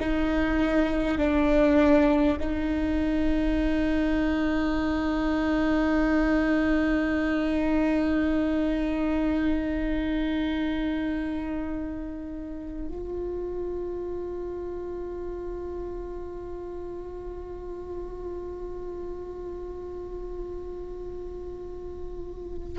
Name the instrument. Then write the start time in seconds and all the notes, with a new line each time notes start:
viola
0.00 D#4
1.18 D4
2.40 D#4
12.89 F4